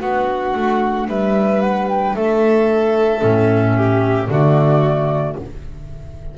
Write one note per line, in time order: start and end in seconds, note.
0.00 0.54 B3
0.00 3.21 D4
0.00 1.07 F#4
0.00 1.07 F#5
0.55 1.08 A3
1.08 2.15 G3
1.08 2.16 B4
1.08 1.61 E5
1.61 1.88 F#5
1.89 2.15 G5
2.15 3.23 A3
2.15 3.76 A4
2.15 4.29 E5
3.21 4.28 A2
3.21 4.28 C#4
3.76 4.30 G4
4.28 5.35 D3
4.28 5.37 A3
4.28 5.38 F#4
4.28 5.36 D5